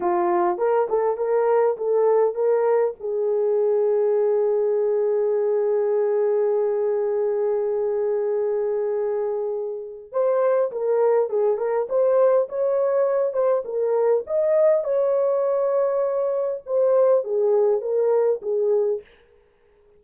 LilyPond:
\new Staff \with { instrumentName = "horn" } { \time 4/4 \tempo 4 = 101 f'4 ais'8 a'8 ais'4 a'4 | ais'4 gis'2.~ | gis'1~ | gis'1~ |
gis'4 c''4 ais'4 gis'8 ais'8 | c''4 cis''4. c''8 ais'4 | dis''4 cis''2. | c''4 gis'4 ais'4 gis'4 | }